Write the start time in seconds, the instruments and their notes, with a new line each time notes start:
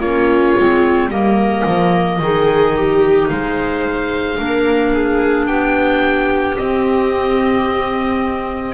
0.00 double bass A#3, clarinet C#4, viola F4, oboe C#5
0.58 double bass G#3, clarinet C4
1.09 double bass G3, clarinet A#3, viola A#4, oboe D#5
1.66 double bass F3
2.20 double bass D#3, clarinet D#4, viola G#4
2.76 viola G4
3.29 double bass G#3, viola C5, oboe F5
4.38 double bass A#3, clarinet D4, viola A#4
4.93 viola G#4
5.47 double bass B3, viola G4, oboe G5
6.57 clarinet C4, double bass C4, oboe D#5